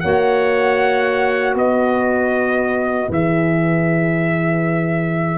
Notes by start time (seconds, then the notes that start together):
0.00 A#3 F#4 C#5 F#5
1.54 B3 B4 D#5
3.08 E3 G#4 E5